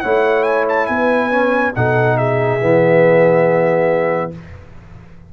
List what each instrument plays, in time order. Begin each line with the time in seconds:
0.00 tuba A3, trombone E4, horn C#5, trumpet F#5
0.43 trumpet G#5
0.69 trumpet A5
0.86 tuba B3, horn B4, trumpet G#5
1.30 trombone C#4
1.75 tuba B2, trombone D#4, horn A4, trumpet F#5
2.17 horn G#4, trumpet E5
2.60 tuba E3, trombone B3